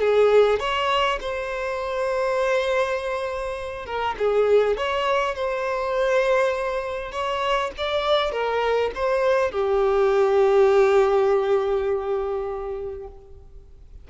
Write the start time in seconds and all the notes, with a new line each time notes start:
0.00 G#4
0.59 C#5
1.20 C5
3.86 A#4
4.18 G#4
4.77 C#5
5.35 C5
7.12 C#5
7.77 D5
8.32 A#4
8.95 C5
9.51 G4